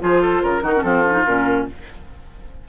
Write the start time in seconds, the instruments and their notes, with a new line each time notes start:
0.00 bassoon F3, clarinet F4, oboe G#4, flute C5
0.21 oboe A4
0.42 bassoon C#3, oboe A#4, flute A#4
0.62 bassoon D#3, clarinet D#4, oboe F#4
0.76 clarinet C#4, flute A4
0.83 bassoon F3, clarinet C4, oboe F4
1.05 clarinet C#4
1.12 clarinet D#4
1.24 bassoon A#2, clarinet C#4, flute A#4